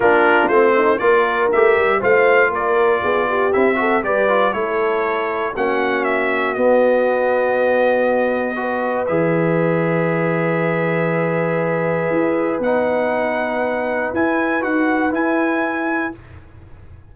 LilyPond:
<<
  \new Staff \with { instrumentName = "trumpet" } { \time 4/4 \tempo 4 = 119 ais'4 c''4 d''4 e''4 | f''4 d''2 e''4 | d''4 cis''2 fis''4 | e''4 dis''2.~ |
dis''2 e''2~ | e''1~ | e''4 fis''2. | gis''4 fis''4 gis''2 | }
  \new Staff \with { instrumentName = "horn" } { \time 4/4 f'4. dis'8 ais'2 | c''4 ais'4 gis'8 g'4 a'8 | b'4 a'2 fis'4~ | fis'1~ |
fis'4 b'2.~ | b'1~ | b'1~ | b'1 | }
  \new Staff \with { instrumentName = "trombone" } { \time 4/4 d'4 c'4 f'4 g'4 | f'2. e'8 fis'8 | g'8 f'8 e'2 cis'4~ | cis'4 b2.~ |
b4 fis'4 gis'2~ | gis'1~ | gis'4 dis'2. | e'4 fis'4 e'2 | }
  \new Staff \with { instrumentName = "tuba" } { \time 4/4 ais4 a4 ais4 a8 g8 | a4 ais4 b4 c'4 | g4 a2 ais4~ | ais4 b2.~ |
b2 e2~ | e1 | e'4 b2. | e'4 dis'4 e'2 | }
>>